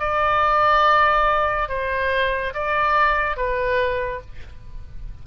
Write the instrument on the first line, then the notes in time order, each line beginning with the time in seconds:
oboe
0.00 D5
1.69 C5
2.54 D5
3.37 B4